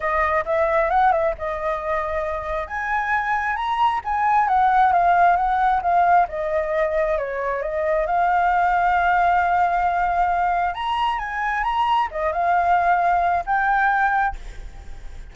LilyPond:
\new Staff \with { instrumentName = "flute" } { \time 4/4 \tempo 4 = 134 dis''4 e''4 fis''8 e''8 dis''4~ | dis''2 gis''2 | ais''4 gis''4 fis''4 f''4 | fis''4 f''4 dis''2 |
cis''4 dis''4 f''2~ | f''1 | ais''4 gis''4 ais''4 dis''8 f''8~ | f''2 g''2 | }